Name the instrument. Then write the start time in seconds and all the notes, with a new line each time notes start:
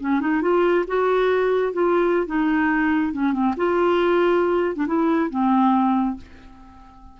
clarinet
0.00 C#4
0.20 D#4
0.42 F4
0.87 F#4
1.73 F4
2.26 D#4
3.13 C#4
3.33 C4
3.57 F4
4.75 D4
4.87 E4
5.30 C4